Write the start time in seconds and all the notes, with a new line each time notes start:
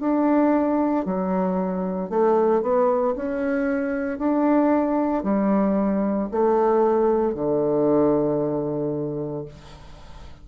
0.00 D4
1.05 F#3
2.10 A3
2.62 B3
3.16 C#4
4.18 D4
5.23 G3
6.31 A3
7.34 D3